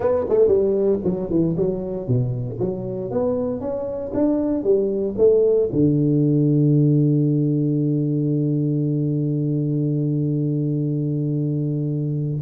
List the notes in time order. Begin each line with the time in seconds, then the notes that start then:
0.00 B3
0.29 A3
0.47 G3
1.04 F#3
1.30 E3
1.57 F#3
2.07 B2
2.59 F#3
3.10 B3
3.60 C#4
4.14 D4
4.63 G3
5.17 A3
5.72 D3